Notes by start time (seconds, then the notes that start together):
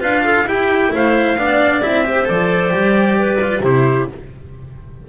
0.00 D4 F4 B4 F5
0.24 A4
0.45 E4 G4 G5
0.94 A3 C5 F5
1.36 B3 D4 D5
1.82 C4 E4 E5
2.04 G4 C5
2.25 F3 A4 D5
2.70 G3 G4
3.19 B4
3.42 F4
3.60 C3 E4 G4 C5